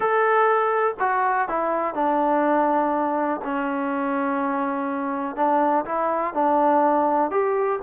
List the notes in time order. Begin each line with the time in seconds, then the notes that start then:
0.00 A4
0.99 F#4
1.48 E4
1.94 D4
3.44 C#4
5.35 D4
5.85 E4
6.34 D4
7.31 G4